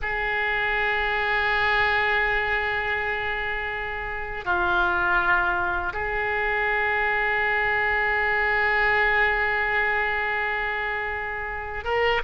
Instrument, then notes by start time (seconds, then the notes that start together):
oboe
0.02 G#4
4.44 F4
5.93 G#4
11.84 A#4